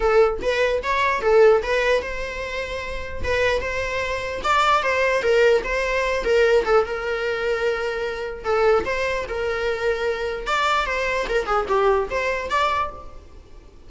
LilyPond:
\new Staff \with { instrumentName = "viola" } { \time 4/4 \tempo 4 = 149 a'4 b'4 cis''4 a'4 | b'4 c''2. | b'4 c''2 d''4 | c''4 ais'4 c''4. ais'8~ |
ais'8 a'8 ais'2.~ | ais'4 a'4 c''4 ais'4~ | ais'2 d''4 c''4 | ais'8 gis'8 g'4 c''4 d''4 | }